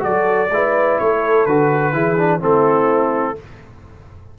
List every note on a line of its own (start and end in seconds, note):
0.00 0.50 F#3
0.00 0.48 F#4
0.00 0.51 A4
0.00 0.99 D5
0.50 0.98 G#3
0.50 1.49 E4
0.50 1.02 B4
0.99 1.46 A3
0.99 1.94 A4
0.99 1.46 C#5
1.46 1.94 D3
1.46 1.94 F#4
1.46 2.41 B4
1.94 2.41 E3
1.94 2.17 E4
1.94 2.40 G#4
2.18 2.40 D4
2.40 3.38 A3
2.40 3.36 C4
2.40 3.35 E4
2.40 3.39 A4